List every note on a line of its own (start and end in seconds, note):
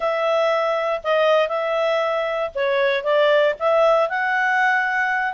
0.00 1.01 E5
1.03 1.48 D#5
1.48 2.50 E5
2.54 3.03 C#5
3.03 3.54 D5
3.59 4.09 E5
4.09 5.33 F#5